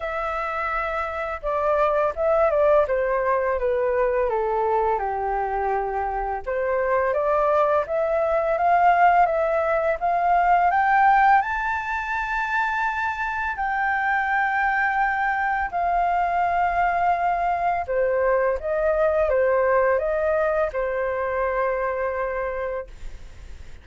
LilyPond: \new Staff \with { instrumentName = "flute" } { \time 4/4 \tempo 4 = 84 e''2 d''4 e''8 d''8 | c''4 b'4 a'4 g'4~ | g'4 c''4 d''4 e''4 | f''4 e''4 f''4 g''4 |
a''2. g''4~ | g''2 f''2~ | f''4 c''4 dis''4 c''4 | dis''4 c''2. | }